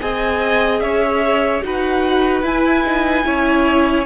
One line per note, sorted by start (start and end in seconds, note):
0.00 0.82 C4
0.00 1.62 G#4
0.00 0.82 D#5
0.00 0.80 G#5
0.80 1.63 C#4
0.80 1.63 C#5
0.80 1.61 E5
1.62 2.43 D#4
1.62 2.43 F#4
1.62 3.26 B4
1.62 2.46 F#5
2.43 3.24 E4
2.43 2.84 E4
2.43 4.05 G#5
2.86 3.24 D#4
3.24 4.05 C#4
3.24 4.05 E4
3.24 4.05 C#5